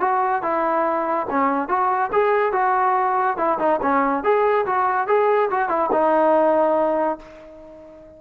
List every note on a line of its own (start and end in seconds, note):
0.00 0.42 F#4
0.42 1.27 E4
1.30 1.68 C#4
1.68 2.10 F#4
2.12 2.52 G#4
2.52 3.37 F#4
3.37 3.58 E4
3.59 3.80 D#4
3.82 4.23 C#4
4.23 4.66 G#4
4.66 5.07 F#4
5.07 5.49 G#4
5.50 5.69 F#4
5.69 5.90 E4
5.92 7.19 D#4